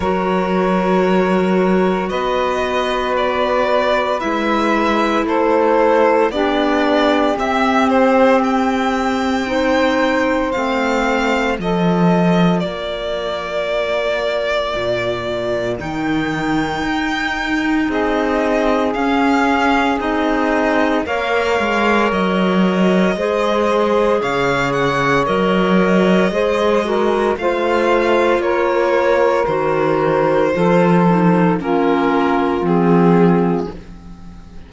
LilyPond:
<<
  \new Staff \with { instrumentName = "violin" } { \time 4/4 \tempo 4 = 57 cis''2 dis''4 d''4 | e''4 c''4 d''4 e''8 c''8 | g''2 f''4 dis''4 | d''2. g''4~ |
g''4 dis''4 f''4 dis''4 | f''4 dis''2 f''8 fis''8 | dis''2 f''4 cis''4 | c''2 ais'4 gis'4 | }
  \new Staff \with { instrumentName = "saxophone" } { \time 4/4 ais'2 b'2~ | b'4 a'4 g'2~ | g'4 c''2 a'4 | ais'1~ |
ais'4 gis'2. | cis''2 c''4 cis''4~ | cis''4 c''8 ais'8 c''4 ais'4~ | ais'4 a'4 f'2 | }
  \new Staff \with { instrumentName = "clarinet" } { \time 4/4 fis'1 | e'2 d'4 c'4~ | c'4 dis'4 c'4 f'4~ | f'2. dis'4~ |
dis'2 cis'4 dis'4 | ais'2 gis'2 | ais'4 gis'8 fis'8 f'2 | fis'4 f'8 dis'8 cis'4 c'4 | }
  \new Staff \with { instrumentName = "cello" } { \time 4/4 fis2 b2 | gis4 a4 b4 c'4~ | c'2 a4 f4 | ais2 ais,4 dis4 |
dis'4 c'4 cis'4 c'4 | ais8 gis8 fis4 gis4 cis4 | fis4 gis4 a4 ais4 | dis4 f4 ais4 f4 | }
>>